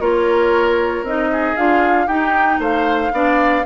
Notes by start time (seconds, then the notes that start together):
0.00 A#3 F4 A#4 C#5
1.03 C4 D#4 D#5
1.32 G#4
1.57 D4 F4 F5
2.07 D#4 G4 G5
2.59 A3 C5 F5
3.12 B3 D4 D5